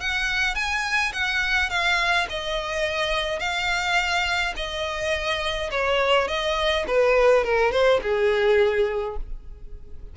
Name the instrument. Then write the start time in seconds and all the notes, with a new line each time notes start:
violin
0.00 F#5
0.55 G#5
1.13 F#5
1.70 F5
2.29 D#5
3.39 F5
4.56 D#5
5.71 C#5
6.28 D#5
6.87 B4
7.44 A#4
7.71 C5
8.02 G#4